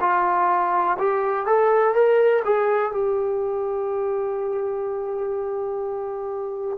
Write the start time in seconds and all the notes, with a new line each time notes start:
0.00 F4
0.99 G4
1.46 A4
1.94 A#4
2.45 G#4
2.91 G4